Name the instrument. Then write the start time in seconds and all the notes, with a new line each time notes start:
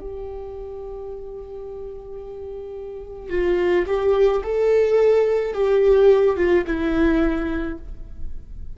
viola
0.00 G4
3.30 F4
3.86 G4
4.43 A4
5.54 G4
6.36 F4
6.66 E4